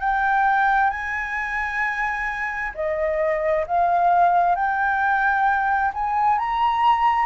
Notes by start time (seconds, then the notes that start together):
0.00 G5
0.90 G#5
2.74 D#5
3.67 F5
4.55 G5
5.94 G#5
6.38 A#5